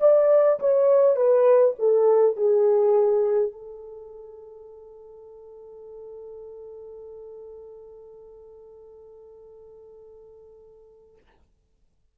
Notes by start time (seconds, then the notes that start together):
0.00 D5
0.60 C#5
1.16 B4
1.79 A4
2.36 G#4
3.52 A4